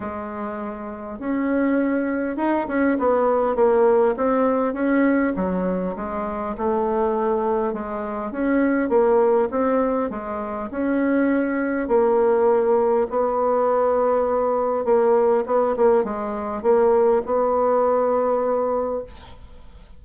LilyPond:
\new Staff \with { instrumentName = "bassoon" } { \time 4/4 \tempo 4 = 101 gis2 cis'2 | dis'8 cis'8 b4 ais4 c'4 | cis'4 fis4 gis4 a4~ | a4 gis4 cis'4 ais4 |
c'4 gis4 cis'2 | ais2 b2~ | b4 ais4 b8 ais8 gis4 | ais4 b2. | }